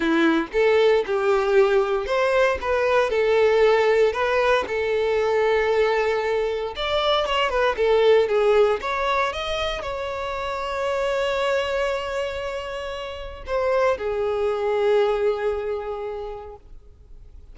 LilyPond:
\new Staff \with { instrumentName = "violin" } { \time 4/4 \tempo 4 = 116 e'4 a'4 g'2 | c''4 b'4 a'2 | b'4 a'2.~ | a'4 d''4 cis''8 b'8 a'4 |
gis'4 cis''4 dis''4 cis''4~ | cis''1~ | cis''2 c''4 gis'4~ | gis'1 | }